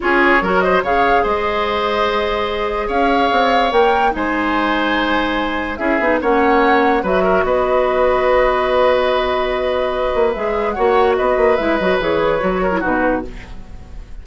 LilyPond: <<
  \new Staff \with { instrumentName = "flute" } { \time 4/4 \tempo 4 = 145 cis''4. dis''8 f''4 dis''4~ | dis''2. f''4~ | f''4 g''4 gis''2~ | gis''2 e''4 fis''4~ |
fis''4 e''4 dis''2~ | dis''1~ | dis''4 e''4 fis''4 dis''4 | e''8 dis''8 cis''2 b'4 | }
  \new Staff \with { instrumentName = "oboe" } { \time 4/4 gis'4 ais'8 c''8 cis''4 c''4~ | c''2. cis''4~ | cis''2 c''2~ | c''2 gis'4 cis''4~ |
cis''4 b'8 ais'8 b'2~ | b'1~ | b'2 cis''4 b'4~ | b'2~ b'8 ais'8 fis'4 | }
  \new Staff \with { instrumentName = "clarinet" } { \time 4/4 f'4 fis'4 gis'2~ | gis'1~ | gis'4 ais'4 dis'2~ | dis'2 e'8 dis'8 cis'4~ |
cis'4 fis'2.~ | fis'1~ | fis'4 gis'4 fis'2 | e'8 fis'8 gis'4 fis'8. e'16 dis'4 | }
  \new Staff \with { instrumentName = "bassoon" } { \time 4/4 cis'4 fis4 cis4 gis4~ | gis2. cis'4 | c'4 ais4 gis2~ | gis2 cis'8 b8 ais4~ |
ais4 fis4 b2~ | b1~ | b8 ais8 gis4 ais4 b8 ais8 | gis8 fis8 e4 fis4 b,4 | }
>>